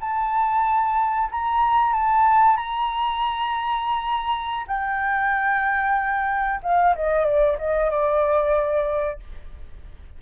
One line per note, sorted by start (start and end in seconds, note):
0.00 1.29 A5
1.31 1.93 A#5
1.93 2.57 A5
2.57 4.66 A#5
4.67 6.61 G5
6.63 6.95 F5
6.96 7.25 D#5
7.25 7.57 D5
7.58 7.90 D#5
7.90 9.19 D5